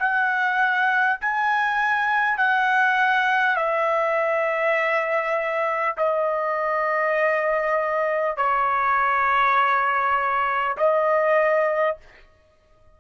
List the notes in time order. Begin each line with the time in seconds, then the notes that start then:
0.00 F#5
1.21 G#5
2.38 F#5
3.56 E5
5.98 D#5
8.37 C#5
10.78 D#5